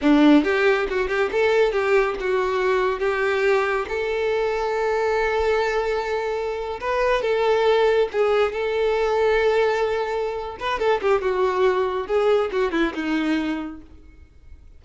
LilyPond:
\new Staff \with { instrumentName = "violin" } { \time 4/4 \tempo 4 = 139 d'4 g'4 fis'8 g'8 a'4 | g'4 fis'2 g'4~ | g'4 a'2.~ | a'2.~ a'8. b'16~ |
b'8. a'2 gis'4 a'16~ | a'1~ | a'8 b'8 a'8 g'8 fis'2 | gis'4 fis'8 e'8 dis'2 | }